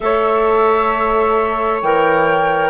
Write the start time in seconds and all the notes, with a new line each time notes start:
0.00 A3 A4 C#5 E5
1.82 E3 A#4 G5